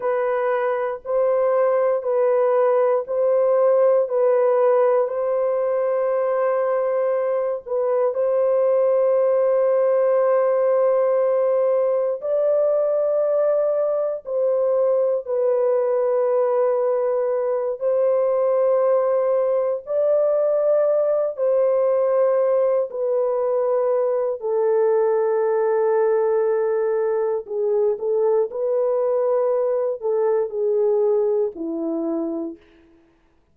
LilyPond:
\new Staff \with { instrumentName = "horn" } { \time 4/4 \tempo 4 = 59 b'4 c''4 b'4 c''4 | b'4 c''2~ c''8 b'8 | c''1 | d''2 c''4 b'4~ |
b'4. c''2 d''8~ | d''4 c''4. b'4. | a'2. gis'8 a'8 | b'4. a'8 gis'4 e'4 | }